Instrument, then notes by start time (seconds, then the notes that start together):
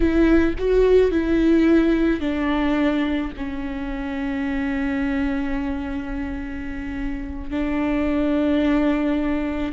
viola
0.00 E4
0.58 F#4
1.11 E4
2.20 D4
3.37 C#4
7.50 D4